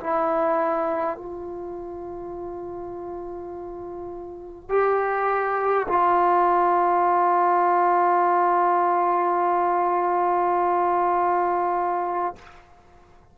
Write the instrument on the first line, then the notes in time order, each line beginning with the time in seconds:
trombone
0.00 E4
1.17 F4
4.69 G4
5.88 F4